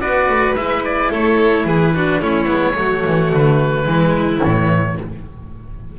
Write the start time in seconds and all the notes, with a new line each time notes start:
0.00 B3 F#4 B4 D5
0.29 A3
0.55 G#3 E4 E5
0.85 D5
1.10 A3 A4 C#5
1.64 E3 G#4 B4
1.95 D4 F#4
2.21 A3 C#4 E4 C#5
2.46 G#3 B3
2.74 F#3 A3 F#4
3.07 E3
3.32 D3 B4
3.83 E3 G#3 E4
4.42 A2 E3 C#5